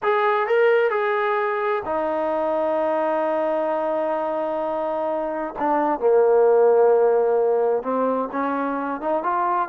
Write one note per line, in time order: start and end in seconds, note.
0.02 0.47 G#4
0.47 0.90 A#4
0.90 1.82 G#4
1.85 5.54 D#4
5.58 5.99 D4
5.99 7.83 A#3
7.83 8.29 C4
8.31 9.00 C#4
9.00 9.23 D#4
9.23 9.68 F4